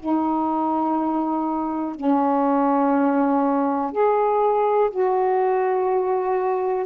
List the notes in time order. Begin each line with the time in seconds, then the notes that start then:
0.00 D#4
1.96 C#4
3.92 G#4
4.91 F#4